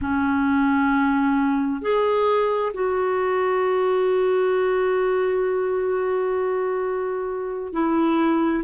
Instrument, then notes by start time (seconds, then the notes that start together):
clarinet
0.01 C#4
1.81 G#4
2.73 F#4
7.72 E4